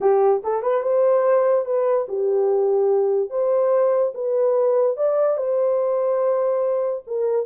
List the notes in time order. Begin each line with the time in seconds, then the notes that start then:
0.00 G4
0.43 A4
0.62 B4
0.82 C5
1.65 B4
2.08 G4
3.30 C5
4.14 B4
4.96 D5
5.37 C5
7.06 A#4